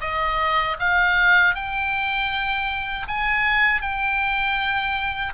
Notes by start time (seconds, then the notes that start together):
0.00 D#5
0.79 F5
1.55 G5
3.08 G#5
3.81 G5